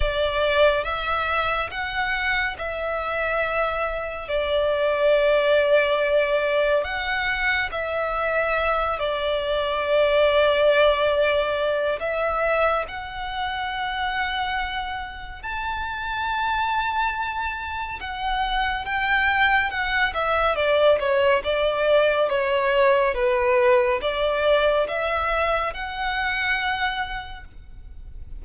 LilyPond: \new Staff \with { instrumentName = "violin" } { \time 4/4 \tempo 4 = 70 d''4 e''4 fis''4 e''4~ | e''4 d''2. | fis''4 e''4. d''4.~ | d''2 e''4 fis''4~ |
fis''2 a''2~ | a''4 fis''4 g''4 fis''8 e''8 | d''8 cis''8 d''4 cis''4 b'4 | d''4 e''4 fis''2 | }